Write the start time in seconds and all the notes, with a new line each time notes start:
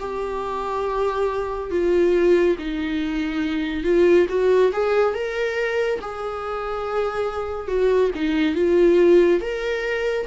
0.00 G4
1.71 F4
2.59 D#4
3.85 F4
4.29 F#4
4.73 G#4
5.15 A#4
6.02 G#4
7.68 F#4
8.15 D#4
8.56 F4
9.42 A#4